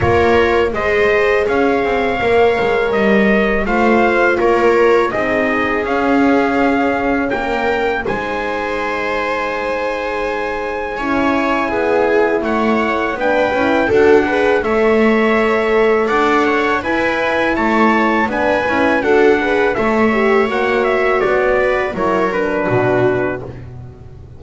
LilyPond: <<
  \new Staff \with { instrumentName = "trumpet" } { \time 4/4 \tempo 4 = 82 cis''4 dis''4 f''2 | dis''4 f''4 cis''4 dis''4 | f''2 g''4 gis''4~ | gis''1~ |
gis''4 fis''4 g''4 fis''4 | e''2 fis''4 gis''4 | a''4 gis''4 fis''4 e''4 | fis''8 e''8 d''4 cis''8 b'4. | }
  \new Staff \with { instrumentName = "viola" } { \time 4/4 ais'4 c''4 cis''2~ | cis''4 c''4 ais'4 gis'4~ | gis'2 ais'4 c''4~ | c''2. cis''4 |
gis'4 cis''4 b'4 a'8 b'8 | cis''2 d''8 cis''8 b'4 | cis''4 b'4 a'8 b'8 cis''4~ | cis''4. b'8 ais'4 fis'4 | }
  \new Staff \with { instrumentName = "horn" } { \time 4/4 f'4 gis'2 ais'4~ | ais'4 f'2 dis'4 | cis'2. dis'4~ | dis'2. e'4~ |
e'2 d'8 e'8 fis'8 gis'8 | a'2. e'4~ | e'4 d'8 e'8 fis'8 gis'8 a'8 g'8 | fis'2 e'8 d'4. | }
  \new Staff \with { instrumentName = "double bass" } { \time 4/4 ais4 gis4 cis'8 c'8 ais8 gis8 | g4 a4 ais4 c'4 | cis'2 ais4 gis4~ | gis2. cis'4 |
b4 a4 b8 cis'8 d'4 | a2 d'4 e'4 | a4 b8 cis'8 d'4 a4 | ais4 b4 fis4 b,4 | }
>>